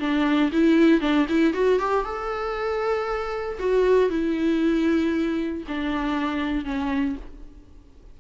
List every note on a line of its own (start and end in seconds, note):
0.00 0.51 D4
0.52 1.01 E4
1.01 1.27 D4
1.29 1.54 E4
1.54 1.79 F#4
1.79 2.05 G4
2.05 3.59 A4
3.59 4.10 F#4
4.10 5.64 E4
5.68 6.65 D4
6.65 7.16 C#4